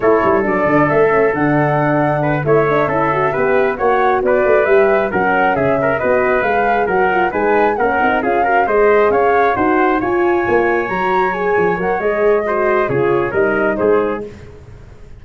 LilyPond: <<
  \new Staff \with { instrumentName = "flute" } { \time 4/4 \tempo 4 = 135 cis''4 d''4 e''4 fis''4~ | fis''4. e''2~ e''8~ | e''8 fis''4 d''4 e''4 fis''8~ | fis''8 e''4 dis''4 f''4 fis''8~ |
fis''8 gis''4 fis''4 f''4 dis''8~ | dis''8 f''4 fis''4 gis''4.~ | gis''8 ais''4 gis''4 fis''8 dis''4~ | dis''4 cis''4 dis''4 c''4 | }
  \new Staff \with { instrumentName = "trumpet" } { \time 4/4 a'1~ | a'4 b'8 cis''4 a'4 b'8~ | b'8 cis''4 b'2 ais'8~ | ais'8 gis'8 ais'8 b'2 ais'8~ |
ais'8 b'4 ais'4 gis'8 ais'8 c''8~ | c''8 cis''4 c''4 cis''4.~ | cis''1 | c''4 gis'4 ais'4 gis'4 | }
  \new Staff \with { instrumentName = "horn" } { \time 4/4 e'4 d'4. cis'8 d'4~ | d'4. e'8 d'8 e'8 fis'8 g'8~ | g'8 fis'2 g'4 cis'8~ | cis'4. fis'4 gis'4 fis'8 |
f'8 dis'4 cis'8 dis'8 f'8 fis'8 gis'8~ | gis'4. fis'4 f'4.~ | f'8 fis'4 gis'4 ais'8 gis'4 | fis'4 f'4 dis'2 | }
  \new Staff \with { instrumentName = "tuba" } { \time 4/4 a8 g8 fis8 d8 a4 d4~ | d4. a4 cis'4 b8~ | b8 ais4 b8 a8 g4 fis8~ | fis8 cis4 b4 gis4 fis8~ |
fis8 gis4 ais8 c'8 cis'4 gis8~ | gis8 cis'4 dis'4 f'4 ais8~ | ais8 fis4. f8 fis8 gis4~ | gis4 cis4 g4 gis4 | }
>>